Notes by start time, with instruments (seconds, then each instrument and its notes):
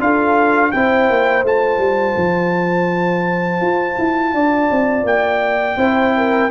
0.00 tuba D4, trombone F4, horn A4, trumpet F5
0.72 tuba C4, trombone E4, horn C5, trumpet G5
1.10 tuba A#3
1.43 tuba A3, trombone F4, trumpet A5
1.78 tuba G3
2.17 tuba F3
3.61 tuba F4
3.98 tuba E4
4.34 tuba D4, horn D5
4.71 tuba C4
5.04 tuba A#3, trumpet G5
5.77 tuba C4, trombone E4, horn C5
6.17 horn A#4